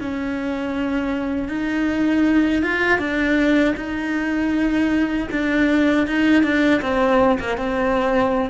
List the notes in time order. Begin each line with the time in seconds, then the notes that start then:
0.00 C#4
1.48 D#4
2.63 F4
2.99 D4
3.76 D#4
5.31 D4
6.07 D#4
6.43 D4
6.81 C4
7.40 A#3
7.57 C4